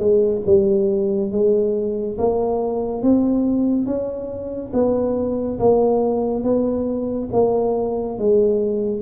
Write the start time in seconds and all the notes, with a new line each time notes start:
0.00 G#3
0.46 G3
1.32 G#3
2.19 A#3
3.03 C4
3.86 C#4
4.74 B3
5.59 A#3
6.44 B3
7.33 A#3
8.19 G#3